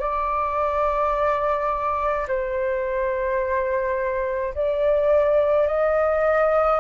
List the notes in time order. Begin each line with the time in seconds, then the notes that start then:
0.00 D5
2.28 C5
4.55 D5
5.68 D#5